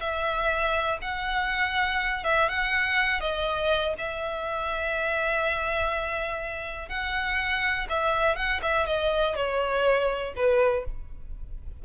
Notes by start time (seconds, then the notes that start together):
0.00 E5
1.02 F#5
2.24 E5
2.49 F#5
3.21 D#5
3.98 E5
6.89 F#5
7.89 E5
8.36 F#5
8.62 E5
8.87 D#5
9.36 C#5
10.36 B4